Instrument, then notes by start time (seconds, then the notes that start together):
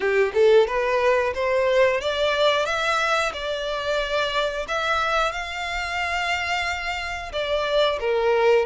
violin
0.00 G4
0.34 A4
0.67 B4
1.34 C5
2.01 D5
2.65 E5
3.33 D5
4.68 E5
5.32 F5
7.32 D5
8.00 A#4